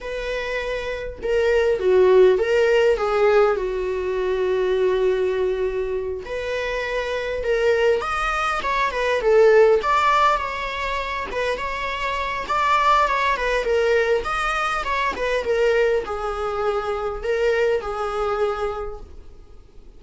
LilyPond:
\new Staff \with { instrumentName = "viola" } { \time 4/4 \tempo 4 = 101 b'2 ais'4 fis'4 | ais'4 gis'4 fis'2~ | fis'2~ fis'8 b'4.~ | b'8 ais'4 dis''4 cis''8 b'8 a'8~ |
a'8 d''4 cis''4. b'8 cis''8~ | cis''4 d''4 cis''8 b'8 ais'4 | dis''4 cis''8 b'8 ais'4 gis'4~ | gis'4 ais'4 gis'2 | }